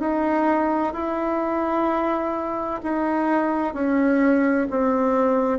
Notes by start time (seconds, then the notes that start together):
0.00 D#4
0.93 E4
2.83 D#4
3.74 C#4
4.70 C4